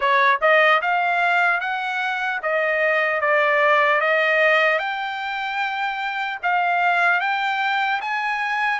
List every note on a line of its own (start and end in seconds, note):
0.00 0.40 C#5
0.41 0.81 D#5
0.81 1.60 F5
1.60 2.40 F#5
2.42 3.20 D#5
3.20 4.00 D5
4.00 4.79 D#5
4.79 6.39 G5
6.43 7.20 F5
7.20 8.00 G5
8.01 8.79 G#5